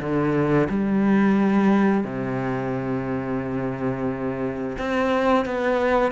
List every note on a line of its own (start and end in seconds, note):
0.00 0.68 D3
0.69 2.04 G3
2.04 4.77 C3
4.78 5.45 C4
5.45 6.12 B3